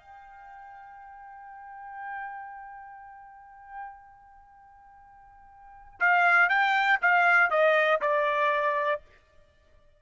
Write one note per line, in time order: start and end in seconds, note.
0.00 6.00 G5
6.00 6.50 F5
6.50 7.00 G5
7.02 7.51 F5
7.51 8.01 D#5
8.02 9.02 D5